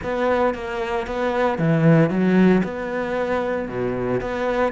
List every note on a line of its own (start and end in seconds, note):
0.03 0.54 B3
0.54 1.06 A#3
1.06 1.58 B3
1.58 2.10 E3
2.10 2.62 F#3
2.63 3.68 B3
3.68 4.21 B2
4.21 4.72 B3